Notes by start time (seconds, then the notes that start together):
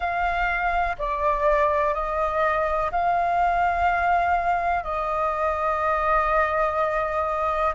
0.00 F5
0.98 D5
1.94 D#5
2.91 F5
4.83 D#5